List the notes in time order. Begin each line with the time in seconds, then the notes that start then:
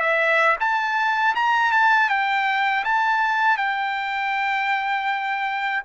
0.00 E5
0.60 A5
1.35 A#5
1.72 A5
2.09 G5
2.84 A5
3.57 G5